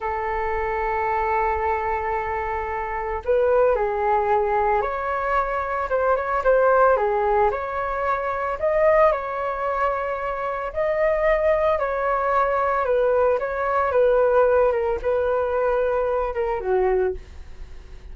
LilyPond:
\new Staff \with { instrumentName = "flute" } { \time 4/4 \tempo 4 = 112 a'1~ | a'2 b'4 gis'4~ | gis'4 cis''2 c''8 cis''8 | c''4 gis'4 cis''2 |
dis''4 cis''2. | dis''2 cis''2 | b'4 cis''4 b'4. ais'8 | b'2~ b'8 ais'8 fis'4 | }